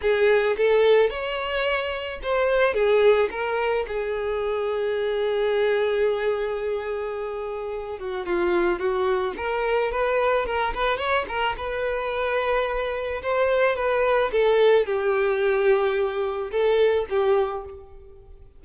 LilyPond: \new Staff \with { instrumentName = "violin" } { \time 4/4 \tempo 4 = 109 gis'4 a'4 cis''2 | c''4 gis'4 ais'4 gis'4~ | gis'1~ | gis'2~ gis'8 fis'8 f'4 |
fis'4 ais'4 b'4 ais'8 b'8 | cis''8 ais'8 b'2. | c''4 b'4 a'4 g'4~ | g'2 a'4 g'4 | }